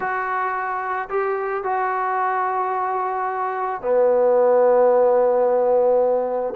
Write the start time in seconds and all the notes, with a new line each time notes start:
0.00 F#4
1.09 G4
1.63 F#4
3.81 B3